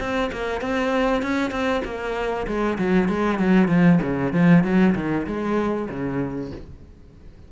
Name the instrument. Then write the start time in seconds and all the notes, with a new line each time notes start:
cello
0.00 C4
0.33 A#3
0.61 C4
1.23 C#4
1.51 C4
1.85 A#3
2.47 G#3
2.78 F#3
3.09 G#3
3.39 F#3
3.69 F3
4.02 C#3
4.34 F3
4.64 F#3
4.96 D#3
5.27 G#3
5.90 C#3